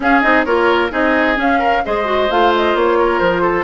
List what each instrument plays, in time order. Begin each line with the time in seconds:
0.00 clarinet C#4, bassoon C#4, oboe G#4, flute F5
0.21 bassoon C4, clarinet D#4, flute D#5
0.44 bassoon A#3, clarinet F4, oboe A#4, flute C#5
0.90 bassoon C4, clarinet D#4, oboe G#4, flute D#5
1.35 clarinet C#4, bassoon C#4, flute F5
1.58 oboe A#4
1.84 bassoon G#3, clarinet G#4, oboe C5, flute D#5
2.04 clarinet F#4
2.30 bassoon A3, clarinet F4, flute F5
2.56 flute D#5
2.74 bassoon A#3, flute C#5
2.99 oboe A#4
3.19 bassoon F3, flute C5
3.41 oboe A4